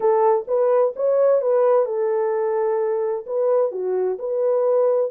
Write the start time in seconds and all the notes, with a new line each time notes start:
0.00 A4
0.47 B4
0.96 C#5
1.41 B4
1.85 A4
3.26 B4
3.71 F#4
4.19 B4